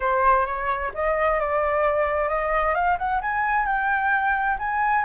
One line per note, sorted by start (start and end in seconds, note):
0.00 0.46 C5
0.46 0.92 C#5
0.94 1.39 D#5
1.39 2.28 D5
2.28 2.74 D#5
2.74 2.97 F5
2.98 3.21 F#5
3.21 3.66 G#5
3.66 4.57 G5
4.58 5.04 G#5